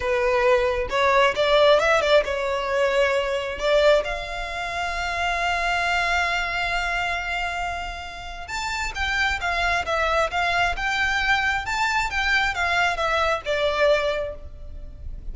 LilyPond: \new Staff \with { instrumentName = "violin" } { \time 4/4 \tempo 4 = 134 b'2 cis''4 d''4 | e''8 d''8 cis''2. | d''4 f''2.~ | f''1~ |
f''2. a''4 | g''4 f''4 e''4 f''4 | g''2 a''4 g''4 | f''4 e''4 d''2 | }